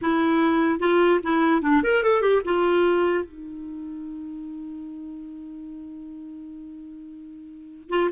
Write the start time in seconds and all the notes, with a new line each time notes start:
0.01 E4
0.79 F4
1.23 E4
1.62 D4
1.83 A#4
2.03 A4
2.21 G4
2.44 F4
3.24 D#4
7.89 F4